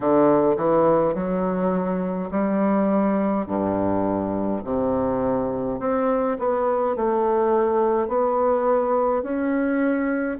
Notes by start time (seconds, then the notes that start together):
0.00 D3
0.56 E3
1.14 F#3
2.31 G3
3.46 G2
4.64 C3
5.80 C4
6.38 B3
6.95 A3
8.08 B3
9.23 C#4